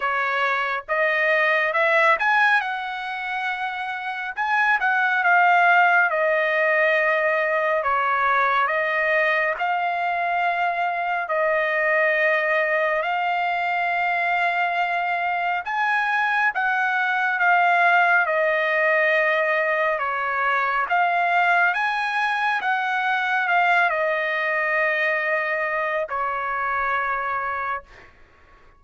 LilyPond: \new Staff \with { instrumentName = "trumpet" } { \time 4/4 \tempo 4 = 69 cis''4 dis''4 e''8 gis''8 fis''4~ | fis''4 gis''8 fis''8 f''4 dis''4~ | dis''4 cis''4 dis''4 f''4~ | f''4 dis''2 f''4~ |
f''2 gis''4 fis''4 | f''4 dis''2 cis''4 | f''4 gis''4 fis''4 f''8 dis''8~ | dis''2 cis''2 | }